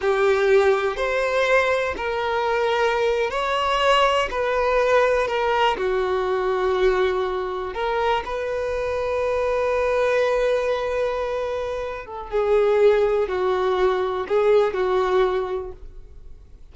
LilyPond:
\new Staff \with { instrumentName = "violin" } { \time 4/4 \tempo 4 = 122 g'2 c''2 | ais'2~ ais'8. cis''4~ cis''16~ | cis''8. b'2 ais'4 fis'16~ | fis'2.~ fis'8. ais'16~ |
ais'8. b'2.~ b'16~ | b'1~ | b'8 a'8 gis'2 fis'4~ | fis'4 gis'4 fis'2 | }